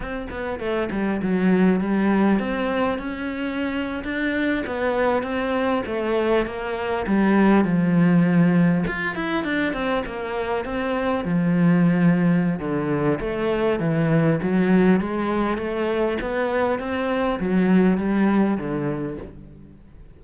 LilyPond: \new Staff \with { instrumentName = "cello" } { \time 4/4 \tempo 4 = 100 c'8 b8 a8 g8 fis4 g4 | c'4 cis'4.~ cis'16 d'4 b16~ | b8. c'4 a4 ais4 g16~ | g8. f2 f'8 e'8 d'16~ |
d'16 c'8 ais4 c'4 f4~ f16~ | f4 d4 a4 e4 | fis4 gis4 a4 b4 | c'4 fis4 g4 d4 | }